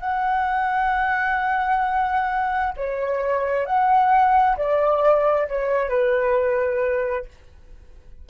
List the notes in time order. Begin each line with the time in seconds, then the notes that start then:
0.00 F#5
2.76 C#5
3.66 F#5
4.57 D5
5.48 C#5
5.89 B4